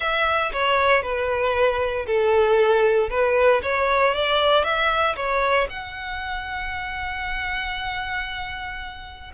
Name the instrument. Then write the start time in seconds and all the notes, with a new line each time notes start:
violin
0.00 E5
0.52 C#5
1.02 B4
2.06 A4
3.10 B4
3.62 C#5
4.14 D5
4.64 E5
5.16 C#5
5.69 F#5